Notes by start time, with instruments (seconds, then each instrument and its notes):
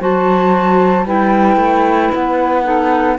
0.00 cello F#3, clarinet F#4, saxophone C5, flute A5
1.05 cello G3, clarinet E4, saxophone B4, flute G5
1.57 cello A3
2.13 cello B3, flute F#5
2.63 clarinet D#4, saxophone A4